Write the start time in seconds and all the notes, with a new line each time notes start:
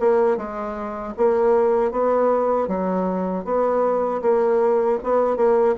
0.00 A#3
0.37 G#3
1.17 A#3
1.92 B3
2.68 F#3
3.45 B3
4.22 A#3
5.03 B3
5.37 A#3